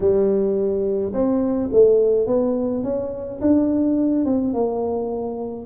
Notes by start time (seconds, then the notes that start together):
0.00 G3
1.13 C4
1.72 A3
2.26 B3
2.83 C#4
3.41 D4
4.25 C4
4.53 A#3